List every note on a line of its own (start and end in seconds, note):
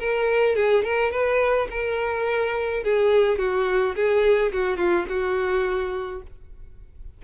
0.00 0.56 A#4
0.56 0.84 G#4
0.84 1.12 A#4
1.12 1.68 B4
1.71 2.84 A#4
2.84 3.39 G#4
3.39 3.96 F#4
3.96 4.52 G#4
4.53 4.78 F#4
4.78 5.06 F4
5.09 6.22 F#4